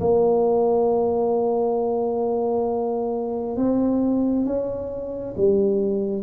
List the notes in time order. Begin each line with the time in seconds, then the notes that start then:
0.00 A#3
3.57 C4
4.45 C#4
5.37 G3